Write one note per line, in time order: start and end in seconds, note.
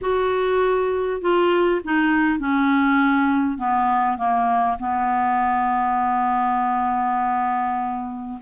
0.01 1.21 F#4
1.21 1.81 F4
1.84 2.39 D#4
2.39 3.58 C#4
3.58 4.17 B3
4.17 4.77 A#3
4.79 8.39 B3